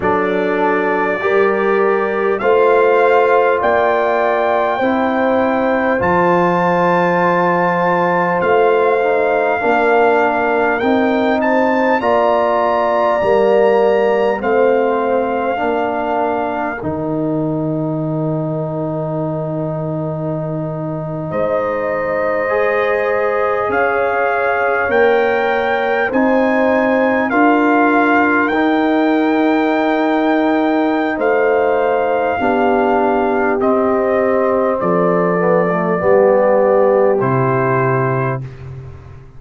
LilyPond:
<<
  \new Staff \with { instrumentName = "trumpet" } { \time 4/4 \tempo 4 = 50 d''2 f''4 g''4~ | g''4 a''2 f''4~ | f''4 g''8 a''8 ais''2 | f''2 g''2~ |
g''4.~ g''16 dis''2 f''16~ | f''8. g''4 gis''4 f''4 g''16~ | g''2 f''2 | dis''4 d''2 c''4 | }
  \new Staff \with { instrumentName = "horn" } { \time 4/4 a'4 ais'4 c''4 d''4 | c''1 | ais'4. c''8 d''2 | c''4 ais'2.~ |
ais'4.~ ais'16 c''2 cis''16~ | cis''4.~ cis''16 c''4 ais'4~ ais'16~ | ais'2 c''4 g'4~ | g'4 a'4 g'2 | }
  \new Staff \with { instrumentName = "trombone" } { \time 4/4 d'4 g'4 f'2 | e'4 f'2~ f'8 dis'8 | d'4 dis'4 f'4 ais4 | c'4 d'4 dis'2~ |
dis'2~ dis'8. gis'4~ gis'16~ | gis'8. ais'4 dis'4 f'4 dis'16~ | dis'2. d'4 | c'4. b16 a16 b4 e'4 | }
  \new Staff \with { instrumentName = "tuba" } { \time 4/4 fis4 g4 a4 ais4 | c'4 f2 a4 | ais4 c'4 ais4 g4 | a4 ais4 dis2~ |
dis4.~ dis16 gis2 cis'16~ | cis'8. ais4 c'4 d'4 dis'16~ | dis'2 a4 b4 | c'4 f4 g4 c4 | }
>>